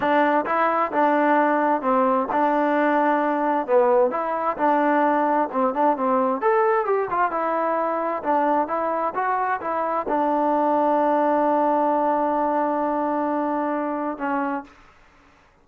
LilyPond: \new Staff \with { instrumentName = "trombone" } { \time 4/4 \tempo 4 = 131 d'4 e'4 d'2 | c'4 d'2. | b4 e'4 d'2 | c'8 d'8 c'4 a'4 g'8 f'8 |
e'2 d'4 e'4 | fis'4 e'4 d'2~ | d'1~ | d'2. cis'4 | }